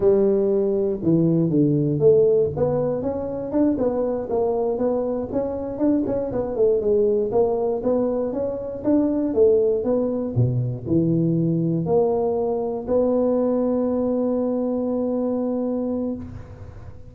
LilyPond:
\new Staff \with { instrumentName = "tuba" } { \time 4/4 \tempo 4 = 119 g2 e4 d4 | a4 b4 cis'4 d'8 b8~ | b8 ais4 b4 cis'4 d'8 | cis'8 b8 a8 gis4 ais4 b8~ |
b8 cis'4 d'4 a4 b8~ | b8 b,4 e2 ais8~ | ais4. b2~ b8~ | b1 | }